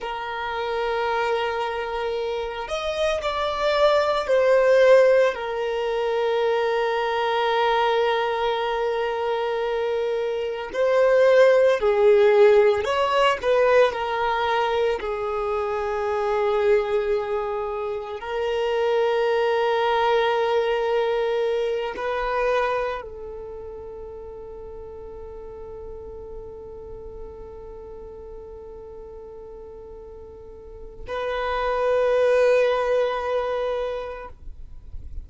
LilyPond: \new Staff \with { instrumentName = "violin" } { \time 4/4 \tempo 4 = 56 ais'2~ ais'8 dis''8 d''4 | c''4 ais'2.~ | ais'2 c''4 gis'4 | cis''8 b'8 ais'4 gis'2~ |
gis'4 ais'2.~ | ais'8 b'4 a'2~ a'8~ | a'1~ | a'4 b'2. | }